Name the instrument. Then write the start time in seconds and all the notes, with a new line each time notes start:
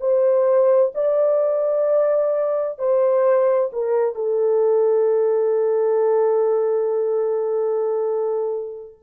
horn
0.00 C5
0.95 D5
2.79 C5
3.73 A#4
4.15 A4